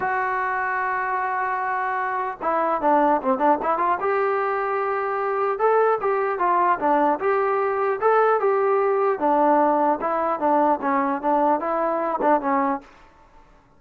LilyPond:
\new Staff \with { instrumentName = "trombone" } { \time 4/4 \tempo 4 = 150 fis'1~ | fis'2 e'4 d'4 | c'8 d'8 e'8 f'8 g'2~ | g'2 a'4 g'4 |
f'4 d'4 g'2 | a'4 g'2 d'4~ | d'4 e'4 d'4 cis'4 | d'4 e'4. d'8 cis'4 | }